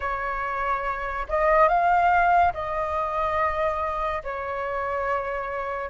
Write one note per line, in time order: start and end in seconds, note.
0.00 1.26 C#5
1.28 1.68 D#5
1.68 2.52 F5
2.54 4.23 D#5
4.23 5.90 C#5